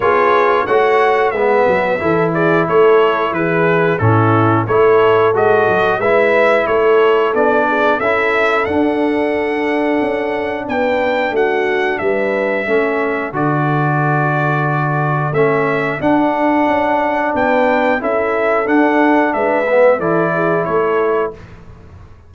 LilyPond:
<<
  \new Staff \with { instrumentName = "trumpet" } { \time 4/4 \tempo 4 = 90 cis''4 fis''4 e''4. d''8 | cis''4 b'4 a'4 cis''4 | dis''4 e''4 cis''4 d''4 | e''4 fis''2. |
g''4 fis''4 e''2 | d''2. e''4 | fis''2 g''4 e''4 | fis''4 e''4 d''4 cis''4 | }
  \new Staff \with { instrumentName = "horn" } { \time 4/4 gis'4 cis''4 b'4 a'8 gis'8 | a'4 gis'4 e'4 a'4~ | a'4 b'4 a'4. gis'8 | a'1 |
b'4 fis'4 b'4 a'4~ | a'1~ | a'2 b'4 a'4~ | a'4 b'4 a'8 gis'8 a'4 | }
  \new Staff \with { instrumentName = "trombone" } { \time 4/4 f'4 fis'4 b4 e'4~ | e'2 cis'4 e'4 | fis'4 e'2 d'4 | e'4 d'2.~ |
d'2. cis'4 | fis'2. cis'4 | d'2. e'4 | d'4. b8 e'2 | }
  \new Staff \with { instrumentName = "tuba" } { \time 4/4 b4 a4 gis8 fis8 e4 | a4 e4 a,4 a4 | gis8 fis8 gis4 a4 b4 | cis'4 d'2 cis'4 |
b4 a4 g4 a4 | d2. a4 | d'4 cis'4 b4 cis'4 | d'4 gis4 e4 a4 | }
>>